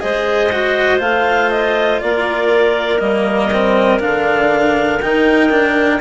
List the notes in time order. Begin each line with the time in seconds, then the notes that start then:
0.00 G#3 G#4 C5 D#5
0.52 F#4
0.98 A3 F4 F5
1.50 D#5
2.01 A#3 A#4 D5
2.99 G3 A#3 D#5
3.53 C4
3.99 D3 D4 F5
5.01 D#3 D#4 G5
5.50 D4